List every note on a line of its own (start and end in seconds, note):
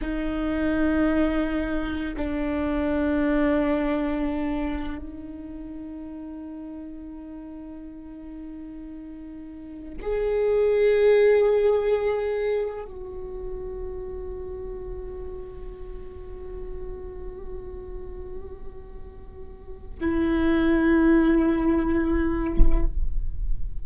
0.01 2.15 D#4
2.16 4.98 D4
4.98 9.98 D#4
10.01 12.84 G#4
12.84 19.99 F#4
20.00 22.86 E4